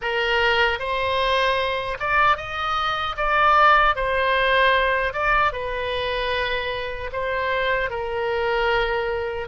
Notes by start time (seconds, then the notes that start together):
0.01 A#4
0.79 C5
2.00 D5
2.36 D#5
3.17 D5
3.95 C5
5.13 D5
5.52 B4
7.12 C5
7.89 A#4